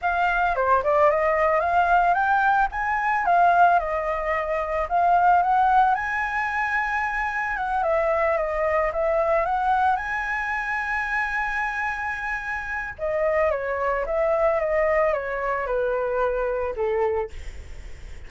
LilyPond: \new Staff \with { instrumentName = "flute" } { \time 4/4 \tempo 4 = 111 f''4 c''8 d''8 dis''4 f''4 | g''4 gis''4 f''4 dis''4~ | dis''4 f''4 fis''4 gis''4~ | gis''2 fis''8 e''4 dis''8~ |
dis''8 e''4 fis''4 gis''4.~ | gis''1 | dis''4 cis''4 e''4 dis''4 | cis''4 b'2 a'4 | }